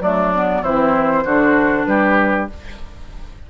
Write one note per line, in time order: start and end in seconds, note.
0.00 0.62 F#3
0.00 0.33 A3
0.00 0.62 D4
0.00 0.63 D5
0.34 0.64 B3
0.62 1.24 E3
0.62 1.26 C4
0.62 1.23 E4
0.62 1.85 C5
1.24 1.86 D3
1.24 2.50 D4
1.24 1.86 F#4
1.85 2.48 G3
1.85 2.50 G4
1.85 2.47 B4